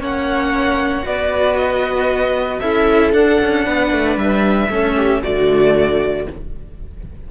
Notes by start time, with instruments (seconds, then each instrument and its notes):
0.00 cello A#3 C#4, viola C#5, violin F#5
1.02 cello B3 F#4, viola B4, violin D5
1.57 violin D#5
2.59 cello C#4 E4, viola A4, violin E5
3.12 cello D4, violin F#5
3.41 cello C#4
3.65 cello B3, viola B4
3.92 cello A3
4.16 cello G3, violin E5
4.69 cello A3 C#4, viola A4
4.96 viola G4
5.22 cello D3 A3, viola F#4, violin D5